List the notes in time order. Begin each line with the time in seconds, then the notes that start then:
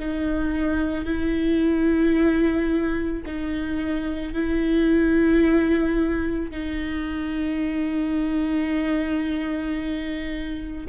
0.00 D#4
1.05 E4
3.26 D#4
4.34 E4
6.51 D#4